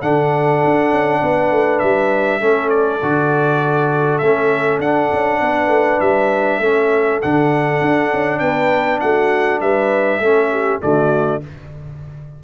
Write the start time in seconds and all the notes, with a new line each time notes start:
0.00 D3 D4 A4 F#5
0.64 D4
0.91 C#4
1.21 B3 B4
1.51 A3
1.79 G3 E5
2.40 A3 C#4 A4
2.69 D5
3.02 D3 F#4
4.18 A3 C#4 E5
4.79 D4 F#5
5.13 C#4
5.41 B3 B4
5.68 A3
6.00 G3 E5
6.59 A3 C#4 A4
7.22 D3 D4 F#5
7.81 D4
8.12 C#4
8.39 B3 B4 G5
9.00 A3 F#4 F#5
9.61 G3 B4 E5
10.19 A3 C#4 A4
10.51 G4
10.81 D3 A3 F#4 D5